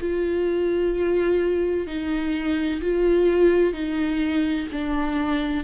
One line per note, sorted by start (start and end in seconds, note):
0.00 1.87 F4
1.87 2.80 D#4
2.81 3.73 F4
3.73 4.67 D#4
4.72 5.64 D4